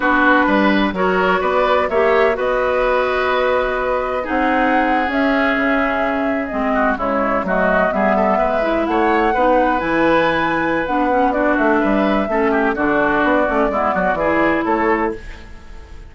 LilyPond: <<
  \new Staff \with { instrumentName = "flute" } { \time 4/4 \tempo 4 = 127 b'2 cis''4 d''4 | e''4 dis''2.~ | dis''4 fis''4.~ fis''16 e''4~ e''16~ | e''4.~ e''16 dis''4 cis''4 dis''16~ |
dis''8. e''2 fis''4~ fis''16~ | fis''8. gis''2~ gis''16 fis''4 | d''8 e''2~ e''8 d''4~ | d''2. cis''4 | }
  \new Staff \with { instrumentName = "oboe" } { \time 4/4 fis'4 b'4 ais'4 b'4 | cis''4 b'2.~ | b'4 gis'2.~ | gis'2~ gis'16 fis'8 e'4 fis'16~ |
fis'8. gis'8 a'8 b'4 cis''4 b'16~ | b'1 | fis'4 b'4 a'8 g'8 fis'4~ | fis'4 e'8 fis'8 gis'4 a'4 | }
  \new Staff \with { instrumentName = "clarinet" } { \time 4/4 d'2 fis'2 | g'4 fis'2.~ | fis'4 dis'4.~ dis'16 cis'4~ cis'16~ | cis'4.~ cis'16 c'4 gis4 a16~ |
a8. b4. e'4. dis'16~ | dis'8. e'2~ e'16 d'8 cis'8 | d'2 cis'4 d'4~ | d'8 cis'8 b4 e'2 | }
  \new Staff \with { instrumentName = "bassoon" } { \time 4/4 b4 g4 fis4 b4 | ais4 b2.~ | b4 c'4.~ c'16 cis'4 cis16~ | cis4.~ cis16 gis4 cis4 fis16~ |
fis8. g4 gis4 a4 b16~ | b8. e2~ e16 b4~ | b8 a8 g4 a4 d4 | b8 a8 gis8 fis8 e4 a4 | }
>>